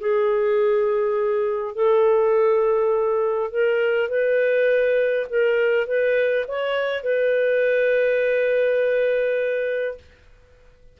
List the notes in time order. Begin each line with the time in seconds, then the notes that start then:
0.00 G#4
1.75 A4
3.51 A#4
4.09 B4
5.30 A#4
5.87 B4
6.47 C#5
7.03 B4